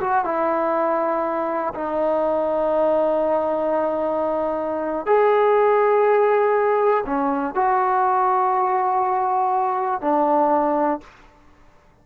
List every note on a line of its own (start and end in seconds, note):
0.00 0.25 F#4
0.25 1.74 E4
1.74 5.06 D#4
5.06 7.05 G#4
7.06 7.55 C#4
7.55 10.01 F#4
10.01 11.00 D4